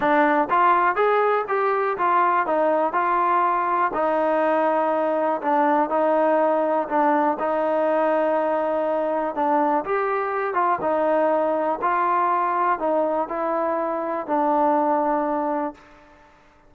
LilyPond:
\new Staff \with { instrumentName = "trombone" } { \time 4/4 \tempo 4 = 122 d'4 f'4 gis'4 g'4 | f'4 dis'4 f'2 | dis'2. d'4 | dis'2 d'4 dis'4~ |
dis'2. d'4 | g'4. f'8 dis'2 | f'2 dis'4 e'4~ | e'4 d'2. | }